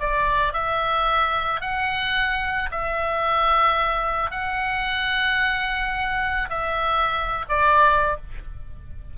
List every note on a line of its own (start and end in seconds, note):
0.00 0.54 D5
0.54 1.61 E5
1.61 2.70 F#5
2.72 4.31 E5
4.31 6.49 F#5
6.50 7.46 E5
7.49 8.17 D5